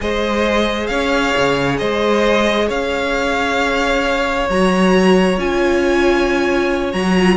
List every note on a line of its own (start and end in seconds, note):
0.00 0.89 G#3
0.00 4.44 G#4
0.00 0.90 C5
0.00 0.87 D#5
0.87 1.34 C#4
0.87 1.79 C#5
0.87 1.76 F5
1.36 1.80 C#3
1.78 2.69 G#3
1.78 2.67 C5
1.78 2.68 D#5
2.67 4.48 C#4
2.67 7.36 C#5
2.67 4.49 F5
4.49 5.37 F#3
4.49 5.37 F#4
4.49 5.39 A#5
5.37 6.93 C#4
5.37 6.91 F4
5.37 6.92 G#5
6.91 7.36 F#3
6.91 7.14 F#4
6.91 7.36 A#5
7.18 7.36 F4